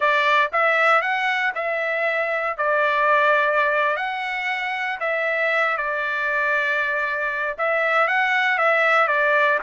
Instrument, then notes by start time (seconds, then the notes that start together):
trumpet
0.00 D5
0.52 E5
1.01 F#5
1.55 E5
2.57 D5
3.96 F#5
5.00 E5
5.77 D5
7.58 E5
8.07 F#5
8.58 E5
9.07 D5